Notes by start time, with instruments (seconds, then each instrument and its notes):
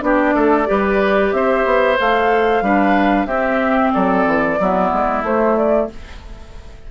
0.00 bassoon B3, clarinet D4, oboe G4, flute D5
0.34 bassoon A3, oboe A4
0.65 bassoon G3, clarinet G4, oboe B4
1.32 bassoon C4, oboe C5, flute E5
1.65 bassoon B3
1.98 bassoon A3, clarinet A4, flute F5
2.61 bassoon G3, clarinet D4, oboe B4
3.26 bassoon C4, clarinet C4, oboe G4, flute E5
3.93 bassoon F#3, oboe A4, flute D5
4.26 bassoon E3
4.59 bassoon F#3, clarinet B3, oboe E4
4.92 bassoon G#3
5.22 bassoon A3, clarinet A3, flute C5
5.57 flute D5